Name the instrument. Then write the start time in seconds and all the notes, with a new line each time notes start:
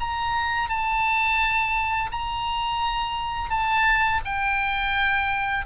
oboe
0.00 A#5
0.69 A5
2.12 A#5
3.50 A5
4.25 G5